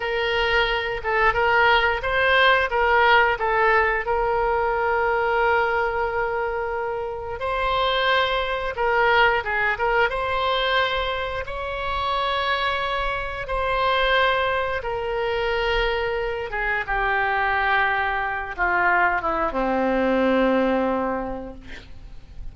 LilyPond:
\new Staff \with { instrumentName = "oboe" } { \time 4/4 \tempo 4 = 89 ais'4. a'8 ais'4 c''4 | ais'4 a'4 ais'2~ | ais'2. c''4~ | c''4 ais'4 gis'8 ais'8 c''4~ |
c''4 cis''2. | c''2 ais'2~ | ais'8 gis'8 g'2~ g'8 f'8~ | f'8 e'8 c'2. | }